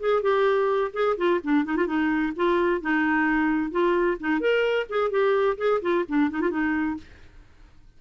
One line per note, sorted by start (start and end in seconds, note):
0.00 0.22 G#4
0.22 0.92 G4
0.93 1.16 G#4
1.17 1.41 F4
1.44 1.65 D4
1.65 1.77 D#4
1.77 1.87 F4
1.87 2.33 D#4
2.36 2.81 F4
2.81 3.71 D#4
3.71 4.18 F4
4.20 4.40 D#4
4.40 4.87 A#4
4.89 5.10 G#4
5.10 5.57 G4
5.58 5.81 G#4
5.82 6.05 F4
6.08 6.30 D4
6.30 6.41 D#4
6.41 6.51 F4
6.51 6.97 D#4